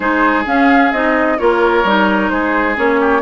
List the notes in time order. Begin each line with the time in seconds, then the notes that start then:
0.00 G#3 D#4 G#4 C5
0.45 C#4 F5
0.92 C4 D#4 D#5
1.38 A#3 F4 A#4 C#5
1.83 G3 D#4
2.29 G#3 G#4 C5
2.75 A#3 C#4 C#5
3.00 G4